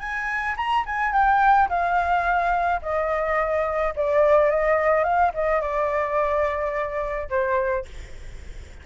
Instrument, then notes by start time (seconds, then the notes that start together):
flute
0.00 G#5
0.57 A#5
0.86 G#5
1.13 G5
1.69 F5
2.82 D#5
3.97 D5
4.51 D#5
5.04 F5
5.34 D#5
5.62 D5
7.30 C5